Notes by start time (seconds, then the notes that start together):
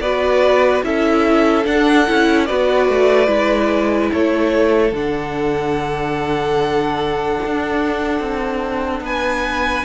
0.00 B3 F#4 B4 D5
0.83 C#4 E4 A4 E5
1.65 D4 F#5
2.07 C#4 E4
2.46 B3 F#4 B4 D5
2.89 A3
3.27 G#3 E4
4.12 A3 A4 C#5
4.92 D3 D4 F#5
7.46 D4
8.20 C4
9.01 B3 B4 G#5